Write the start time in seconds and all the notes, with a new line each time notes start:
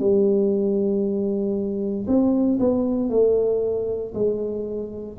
0.00 G3
2.07 C4
2.60 B3
3.10 A3
4.15 G#3